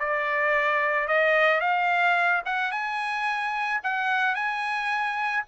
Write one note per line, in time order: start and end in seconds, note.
0.00 1.08 D5
1.08 1.61 D#5
1.61 2.43 F5
2.46 2.72 F#5
2.72 3.81 G#5
3.84 4.35 F#5
4.35 5.44 G#5